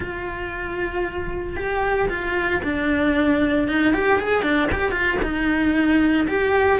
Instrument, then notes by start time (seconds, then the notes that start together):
cello
0.00 F4
1.56 G4
2.09 F4
2.63 D4
3.68 D#4
3.93 G4
4.19 G#4
4.42 D4
4.72 G4
4.91 F4
5.22 D#4
6.28 G4